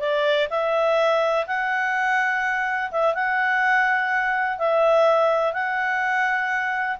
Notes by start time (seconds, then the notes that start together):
0.00 D5
0.50 E5
1.47 F#5
2.91 E5
3.14 F#5
4.58 E5
5.53 F#5